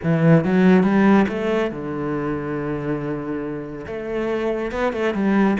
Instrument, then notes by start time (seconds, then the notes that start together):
cello
0.03 E3
0.44 F#3
0.83 G3
1.28 A3
1.71 D3
3.86 A3
4.71 B3
4.92 A3
5.14 G3